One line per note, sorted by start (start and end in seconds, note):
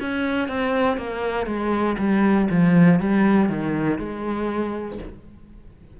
0.00 0.48 C#4
0.48 0.97 C4
0.97 1.46 A#3
1.46 1.96 G#3
1.98 2.48 G3
2.50 2.99 F3
2.99 3.49 G3
3.49 3.99 D#3
3.99 4.99 G#3